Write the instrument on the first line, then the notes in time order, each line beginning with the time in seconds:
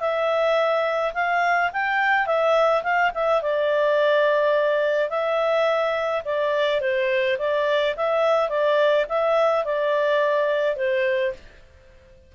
clarinet
0.00 E5
1.14 F5
1.73 G5
2.26 E5
2.83 F5
3.14 E5
3.42 D5
5.09 E5
6.25 D5
6.81 C5
7.38 D5
7.97 E5
8.49 D5
9.09 E5
9.65 D5
10.76 C5